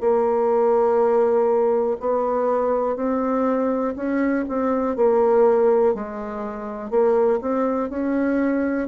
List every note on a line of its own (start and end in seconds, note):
0.00 1.97 A#3
1.99 2.96 B3
2.96 3.94 C4
3.96 4.45 C#4
4.48 4.96 C4
4.96 5.94 A#3
5.94 6.90 G#3
6.90 7.39 A#3
7.41 7.90 C4
7.90 8.88 C#4